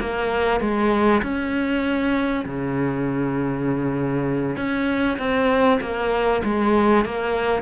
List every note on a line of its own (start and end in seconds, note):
0.00 0.61 A#3
0.61 1.22 G#3
1.23 2.45 C#4
2.45 4.57 C#3
4.57 5.18 C#4
5.19 5.80 C4
5.81 6.42 A#3
6.44 7.05 G#3
7.05 7.62 A#3